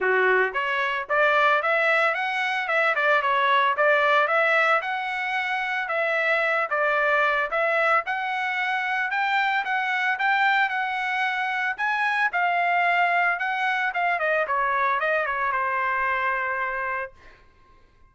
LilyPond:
\new Staff \with { instrumentName = "trumpet" } { \time 4/4 \tempo 4 = 112 fis'4 cis''4 d''4 e''4 | fis''4 e''8 d''8 cis''4 d''4 | e''4 fis''2 e''4~ | e''8 d''4. e''4 fis''4~ |
fis''4 g''4 fis''4 g''4 | fis''2 gis''4 f''4~ | f''4 fis''4 f''8 dis''8 cis''4 | dis''8 cis''8 c''2. | }